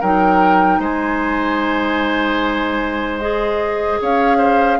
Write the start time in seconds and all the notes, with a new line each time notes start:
0.00 F#3 D#4 A#4 G5
0.79 G#3 C5 G#5
3.19 G#4 D#5
4.01 C#4 C#5 F5
4.38 C5